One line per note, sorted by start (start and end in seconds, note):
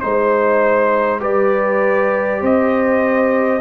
0.00 1.22 G#3
0.00 1.20 D#4
0.00 1.20 C5
0.00 1.21 C5
1.20 2.41 G3
1.20 3.60 G4
1.20 2.41 B4
1.20 2.43 D5
2.41 3.60 C4
2.41 3.60 C5
2.41 3.60 D#5